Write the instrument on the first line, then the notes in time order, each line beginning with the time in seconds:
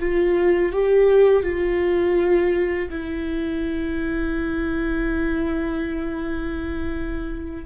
viola
0.00 F4
0.73 G4
1.43 F4
2.90 E4